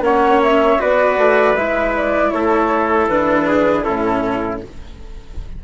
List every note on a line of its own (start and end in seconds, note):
0.00 0.76 A#3
0.00 0.79 C#4
0.00 0.80 C#5
0.00 0.41 F#5
0.43 0.81 E5
0.79 1.17 B3
0.79 1.55 F#4
0.79 2.32 B4
0.79 1.56 D5
1.17 1.55 A3
1.56 2.33 G#3
1.56 3.09 E4
1.56 1.94 E5
1.96 2.31 D5
2.31 3.08 A3
2.31 3.48 A4
2.31 3.07 C#5
3.08 3.84 E3
3.08 3.85 D4
3.08 3.82 B4
3.48 3.85 G#4
3.82 4.64 A2
3.82 4.61 C#4
3.82 4.61 E4
3.82 4.58 A4